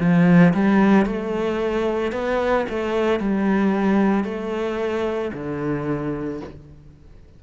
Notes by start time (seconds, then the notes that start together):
0.00 F3
0.54 G3
1.06 A3
2.12 B3
2.70 A3
3.20 G3
4.25 A3
5.34 D3